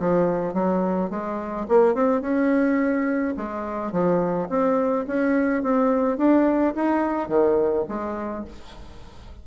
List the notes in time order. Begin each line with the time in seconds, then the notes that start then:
0.00 F3
0.54 F#3
1.11 G#3
1.69 A#3
1.95 C4
2.22 C#4
3.37 G#3
3.92 F3
4.50 C4
5.08 C#4
5.63 C4
6.18 D4
6.76 D#4
7.29 D#3
7.89 G#3